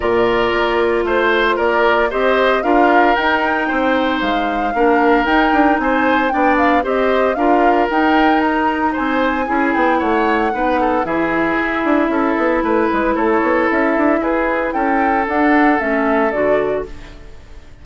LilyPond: <<
  \new Staff \with { instrumentName = "flute" } { \time 4/4 \tempo 4 = 114 d''2 c''4 d''4 | dis''4 f''4 g''2 | f''2 g''4 gis''4 | g''8 f''8 dis''4 f''4 g''4 |
ais''4 gis''4. g''8 fis''4~ | fis''4 e''2. | b'4 cis''4 e''4 b'4 | g''4 fis''4 e''4 d''4 | }
  \new Staff \with { instrumentName = "oboe" } { \time 4/4 ais'2 c''4 ais'4 | c''4 ais'2 c''4~ | c''4 ais'2 c''4 | d''4 c''4 ais'2~ |
ais'4 c''4 gis'4 cis''4 | b'8 a'8 gis'2 a'4 | b'4 a'2 gis'4 | a'1 | }
  \new Staff \with { instrumentName = "clarinet" } { \time 4/4 f'1 | g'4 f'4 dis'2~ | dis'4 d'4 dis'2 | d'4 g'4 f'4 dis'4~ |
dis'2 e'2 | dis'4 e'2.~ | e'1~ | e'4 d'4 cis'4 fis'4 | }
  \new Staff \with { instrumentName = "bassoon" } { \time 4/4 ais,4 ais4 a4 ais4 | c'4 d'4 dis'4 c'4 | gis4 ais4 dis'8 d'8 c'4 | b4 c'4 d'4 dis'4~ |
dis'4 c'4 cis'8 b8 a4 | b4 e4 e'8 d'8 cis'8 b8 | a8 gis8 a8 b8 cis'8 d'8 e'4 | cis'4 d'4 a4 d4 | }
>>